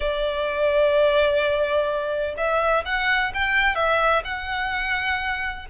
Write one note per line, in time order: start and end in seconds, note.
0.00 2.35 D5
2.37 2.84 E5
2.85 3.32 F#5
3.34 3.75 G5
3.75 4.22 E5
4.24 5.66 F#5